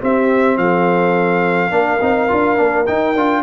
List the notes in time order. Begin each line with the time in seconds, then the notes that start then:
0.00 C4 G4 E5
0.57 F3 A4 F5
1.70 A#3 D4 A#4
2.01 C4 D#4
2.28 D4 F4
2.56 A#3 D4
2.86 D#4 G5
3.15 D4 F4